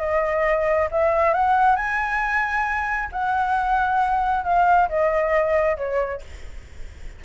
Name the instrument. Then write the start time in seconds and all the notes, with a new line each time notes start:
flute
0.00 D#5
0.91 E5
1.34 F#5
1.76 G#5
3.12 F#5
4.44 F5
4.89 D#5
5.77 C#5